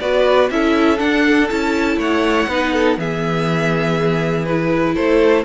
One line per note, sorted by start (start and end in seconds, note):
0.00 0.50 B3
0.00 0.50 F#4
0.00 0.51 B4
0.00 0.50 D5
0.50 0.99 C#4
0.50 0.97 E4
0.50 1.99 A4
0.50 0.99 E5
0.97 1.47 D4
0.97 1.50 D4
0.97 1.48 F#5
1.49 1.97 C#4
1.49 2.49 E4
1.49 1.99 A5
1.97 2.46 A3
1.97 2.48 C#5
1.97 2.99 F#5
2.48 2.97 B3
2.48 2.98 D#4
2.48 2.73 B4
2.73 2.98 A4
2.97 4.96 E3
2.97 4.47 B3
2.97 4.95 G#4
2.97 4.45 E5
4.45 5.45 E4
4.45 4.95 B4
4.95 5.45 A3
4.95 5.44 A4
4.95 5.45 C5